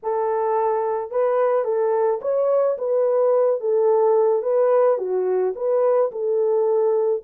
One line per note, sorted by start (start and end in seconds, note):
0.03 1.10 A4
1.10 1.64 B4
1.64 2.19 A4
2.21 2.77 C#5
2.78 3.60 B4
3.60 4.42 A4
4.42 4.97 B4
4.97 5.53 F#4
5.55 6.11 B4
6.11 7.22 A4